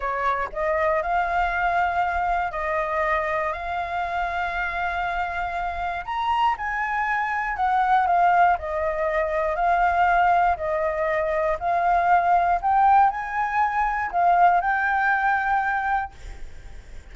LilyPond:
\new Staff \with { instrumentName = "flute" } { \time 4/4 \tempo 4 = 119 cis''4 dis''4 f''2~ | f''4 dis''2 f''4~ | f''1 | ais''4 gis''2 fis''4 |
f''4 dis''2 f''4~ | f''4 dis''2 f''4~ | f''4 g''4 gis''2 | f''4 g''2. | }